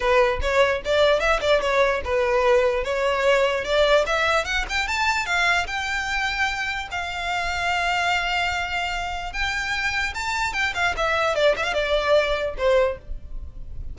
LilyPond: \new Staff \with { instrumentName = "violin" } { \time 4/4 \tempo 4 = 148 b'4 cis''4 d''4 e''8 d''8 | cis''4 b'2 cis''4~ | cis''4 d''4 e''4 fis''8 g''8 | a''4 f''4 g''2~ |
g''4 f''2.~ | f''2. g''4~ | g''4 a''4 g''8 f''8 e''4 | d''8 e''16 f''16 d''2 c''4 | }